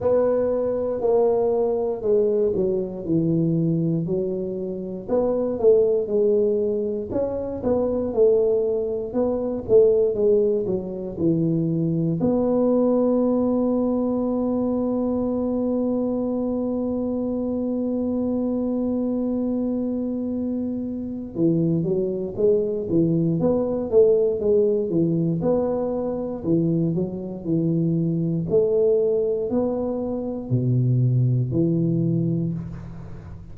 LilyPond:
\new Staff \with { instrumentName = "tuba" } { \time 4/4 \tempo 4 = 59 b4 ais4 gis8 fis8 e4 | fis4 b8 a8 gis4 cis'8 b8 | a4 b8 a8 gis8 fis8 e4 | b1~ |
b1~ | b4 e8 fis8 gis8 e8 b8 a8 | gis8 e8 b4 e8 fis8 e4 | a4 b4 b,4 e4 | }